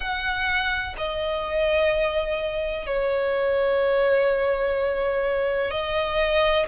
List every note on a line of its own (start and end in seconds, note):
0.00 0.95 F#5
0.97 2.86 D#5
2.86 5.71 C#5
5.71 6.66 D#5